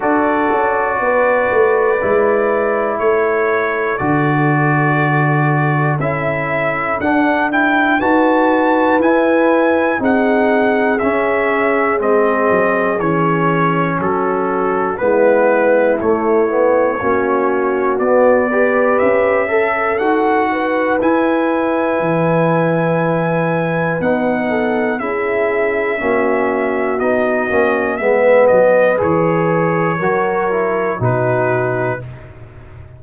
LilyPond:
<<
  \new Staff \with { instrumentName = "trumpet" } { \time 4/4 \tempo 4 = 60 d''2. cis''4 | d''2 e''4 fis''8 g''8 | a''4 gis''4 fis''4 e''4 | dis''4 cis''4 a'4 b'4 |
cis''2 d''4 e''4 | fis''4 gis''2. | fis''4 e''2 dis''4 | e''8 dis''8 cis''2 b'4 | }
  \new Staff \with { instrumentName = "horn" } { \time 4/4 a'4 b'2 a'4~ | a'1 | b'2 gis'2~ | gis'2 fis'4 e'4~ |
e'4 fis'4. b'4 a'8~ | a'8 b'2.~ b'8~ | b'8 a'8 gis'4 fis'2 | b'2 ais'4 fis'4 | }
  \new Staff \with { instrumentName = "trombone" } { \time 4/4 fis'2 e'2 | fis'2 e'4 d'8 e'8 | fis'4 e'4 dis'4 cis'4 | c'4 cis'2 b4 |
a8 b8 cis'4 b8 g'4 a'8 | fis'4 e'2. | dis'4 e'4 cis'4 dis'8 cis'8 | b4 gis'4 fis'8 e'8 dis'4 | }
  \new Staff \with { instrumentName = "tuba" } { \time 4/4 d'8 cis'8 b8 a8 gis4 a4 | d2 cis'4 d'4 | dis'4 e'4 c'4 cis'4 | gis8 fis8 e4 fis4 gis4 |
a4 ais4 b4 cis'4 | dis'4 e'4 e2 | b4 cis'4 ais4 b8 ais8 | gis8 fis8 e4 fis4 b,4 | }
>>